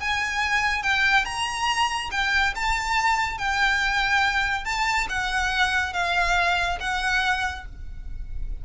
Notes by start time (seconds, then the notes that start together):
0.00 G#5
0.83 G5
1.25 A#5
2.11 G5
2.55 A5
3.38 G5
4.65 A5
5.09 F#5
5.93 F5
6.80 F#5